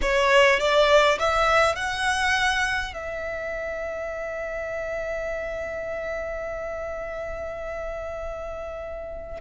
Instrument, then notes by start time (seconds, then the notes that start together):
violin
0.01 C#5
0.59 D5
1.19 E5
1.75 F#5
2.93 E5